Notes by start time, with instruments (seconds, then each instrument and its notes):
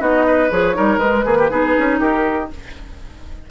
0.00 bassoon B3, clarinet D#4, oboe F#4, flute D#5
0.27 oboe B4
0.51 bassoon F3, clarinet G#4, flute C#5
0.74 bassoon G3, clarinet D#4, oboe A#4
0.98 bassoon G#3, clarinet G#3, flute B4
1.25 clarinet D#3, bassoon A#3, oboe G#4
1.38 oboe G4
1.51 bassoon B3, clarinet D#4, oboe G#4
1.78 bassoon C#4
1.99 bassoon D#4, oboe G4, flute A#4